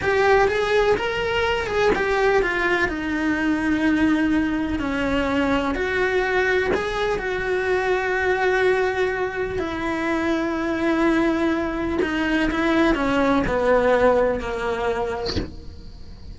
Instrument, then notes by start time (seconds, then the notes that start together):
cello
0.02 G4
0.48 G#4
0.96 A#4
1.66 G#4
1.95 G4
2.42 F4
2.88 D#4
4.79 C#4
5.74 F#4
6.73 G#4
7.18 F#4
9.58 E4
12.02 D#4
12.50 E4
12.94 C#4
13.46 B3
14.40 A#3